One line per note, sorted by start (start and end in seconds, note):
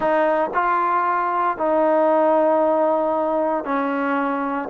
0.00 0.50 D#4
0.54 1.57 F4
1.57 3.64 D#4
3.64 4.68 C#4